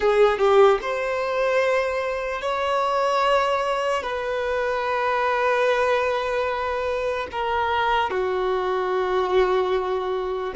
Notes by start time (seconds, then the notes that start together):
0.00 G#4
0.38 G4
0.81 C5
2.41 C#5
4.02 B4
7.31 A#4
8.10 F#4